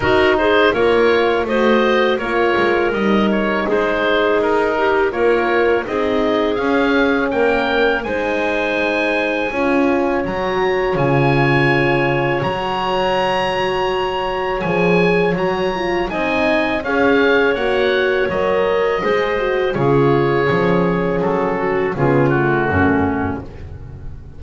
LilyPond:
<<
  \new Staff \with { instrumentName = "oboe" } { \time 4/4 \tempo 4 = 82 ais'8 c''8 cis''4 dis''4 cis''4 | dis''8 cis''8 c''4 ais'4 cis''4 | dis''4 f''4 g''4 gis''4~ | gis''2 ais''4 gis''4~ |
gis''4 ais''2. | gis''4 ais''4 gis''4 f''4 | fis''4 dis''2 cis''4~ | cis''4 a'4 gis'8 fis'4. | }
  \new Staff \with { instrumentName = "clarinet" } { \time 4/4 fis'8 gis'8 ais'4 c''4 ais'4~ | ais'4 gis'4. g'8 ais'4 | gis'2 ais'4 c''4~ | c''4 cis''2.~ |
cis''1~ | cis''2 dis''4 cis''4~ | cis''2 c''4 gis'4~ | gis'4. fis'8 f'4 cis'4 | }
  \new Staff \with { instrumentName = "horn" } { \time 4/4 dis'4 f'4 fis'4 f'4 | dis'2. f'4 | dis'4 cis'2 dis'4~ | dis'4 f'4 fis'4 f'4~ |
f'4 fis'2. | gis'4 fis'8 f'8 dis'4 gis'4 | fis'4 ais'4 gis'8 fis'8 f'4 | cis'2 b8 a4. | }
  \new Staff \with { instrumentName = "double bass" } { \time 4/4 dis'4 ais4 a4 ais8 gis8 | g4 gis4 dis'4 ais4 | c'4 cis'4 ais4 gis4~ | gis4 cis'4 fis4 cis4~ |
cis4 fis2. | f4 fis4 c'4 cis'4 | ais4 fis4 gis4 cis4 | f4 fis4 cis4 fis,4 | }
>>